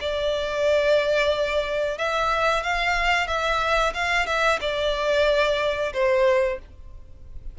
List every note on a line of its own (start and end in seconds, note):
0.00 1.98 D5
1.98 2.63 E5
2.63 3.27 F5
3.27 3.93 E5
3.94 4.26 F5
4.26 4.59 E5
4.60 5.92 D5
5.93 6.58 C5